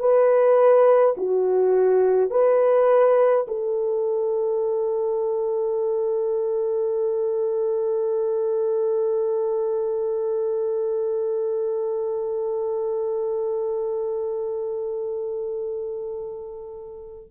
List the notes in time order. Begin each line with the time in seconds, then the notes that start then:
0.00 B4
1.17 F#4
2.31 B4
3.48 A4